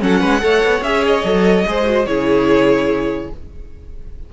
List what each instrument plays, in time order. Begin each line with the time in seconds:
0.00 cello F#3, viola C#4, violin A4 F#5
0.21 cello G#3, violin B4
0.40 cello A3, viola A4, violin C#5
0.64 cello B3
0.82 cello C#4, viola G#4, violin E5
1.06 violin D#5
1.24 cello F#3, viola A4
1.68 cello G#3, viola G#4, violin C5
1.85 viola F#4
2.06 cello C#3, viola E4, violin G#4 C#5